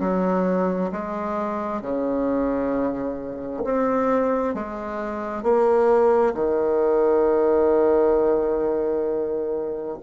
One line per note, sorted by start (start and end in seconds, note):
0.00 0.91 F#3
0.92 1.81 G#3
1.81 3.63 C#3
3.64 4.54 C4
4.54 5.43 G#3
5.43 6.34 A#3
6.34 9.98 D#3